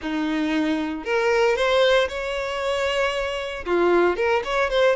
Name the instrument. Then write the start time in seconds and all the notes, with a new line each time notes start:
violin
0.01 D#4
1.04 A#4
1.56 C5
2.08 C#5
3.65 F4
4.16 A#4
4.44 C#5
4.70 C5